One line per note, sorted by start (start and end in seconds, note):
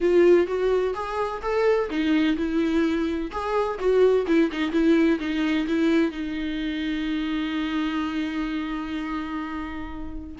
0.00 0.47 F4
0.47 0.94 F#4
0.94 1.41 G#4
1.42 1.89 A4
1.89 2.36 D#4
2.36 3.30 E4
3.31 3.78 G#4
3.79 4.26 F#4
4.26 4.50 E4
4.51 4.71 D#4
4.71 5.18 E4
5.19 5.66 D#4
5.67 6.11 E4
6.11 10.36 D#4